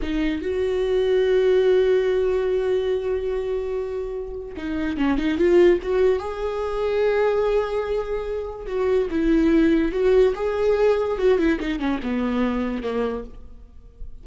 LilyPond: \new Staff \with { instrumentName = "viola" } { \time 4/4 \tempo 4 = 145 dis'4 fis'2.~ | fis'1~ | fis'2. dis'4 | cis'8 dis'8 f'4 fis'4 gis'4~ |
gis'1~ | gis'4 fis'4 e'2 | fis'4 gis'2 fis'8 e'8 | dis'8 cis'8 b2 ais4 | }